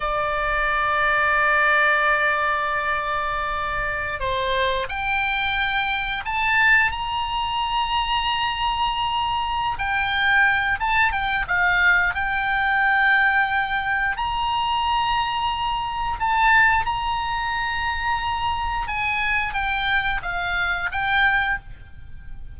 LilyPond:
\new Staff \with { instrumentName = "oboe" } { \time 4/4 \tempo 4 = 89 d''1~ | d''2~ d''16 c''4 g''8.~ | g''4~ g''16 a''4 ais''4.~ ais''16~ | ais''2~ ais''8 g''4. |
a''8 g''8 f''4 g''2~ | g''4 ais''2. | a''4 ais''2. | gis''4 g''4 f''4 g''4 | }